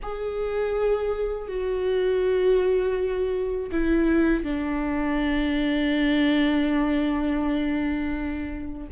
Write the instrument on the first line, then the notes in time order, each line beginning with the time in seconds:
viola
0.02 G#4
1.48 F#4
3.71 E4
4.43 D4